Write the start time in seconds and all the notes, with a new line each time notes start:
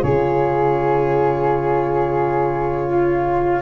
0.00 C#3 F4 G#4 C#5
2.89 F4